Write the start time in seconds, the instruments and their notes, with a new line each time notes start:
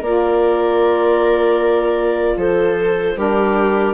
0.00 bassoon A#3, saxophone F4, viola A#4, clarinet D5
2.37 bassoon F3, viola A4, clarinet C5
3.15 bassoon G3, saxophone D4, viola G4, clarinet A#4